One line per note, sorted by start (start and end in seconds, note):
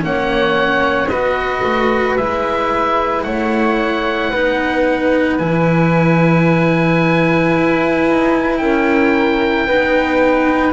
0.00 1.08 A#3
0.00 1.07 C#4
0.00 1.09 F#5
0.06 1.11 C#5
1.08 1.62 B3
1.08 2.19 F#4
1.08 3.25 B4
1.08 2.16 D#5
1.63 2.17 A3
2.17 3.25 G#3
2.17 4.33 E4
2.17 3.23 E5
3.23 4.32 A3
3.23 4.31 C#5
3.23 5.37 F#5
4.31 5.40 B3
4.31 5.39 D#4
4.31 8.59 B4
5.39 7.54 E3
5.39 9.68 E4
5.39 8.58 G#5
7.55 8.09 E4
8.09 8.60 D#4
8.58 9.67 C#4
8.58 9.67 A#4
8.58 10.72 G5
9.67 10.73 B3
9.67 10.73 D#4
9.67 10.73 B4